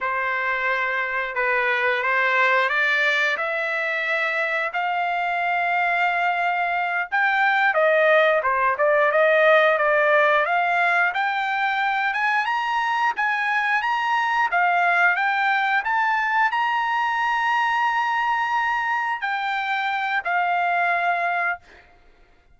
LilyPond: \new Staff \with { instrumentName = "trumpet" } { \time 4/4 \tempo 4 = 89 c''2 b'4 c''4 | d''4 e''2 f''4~ | f''2~ f''8 g''4 dis''8~ | dis''8 c''8 d''8 dis''4 d''4 f''8~ |
f''8 g''4. gis''8 ais''4 gis''8~ | gis''8 ais''4 f''4 g''4 a''8~ | a''8 ais''2.~ ais''8~ | ais''8 g''4. f''2 | }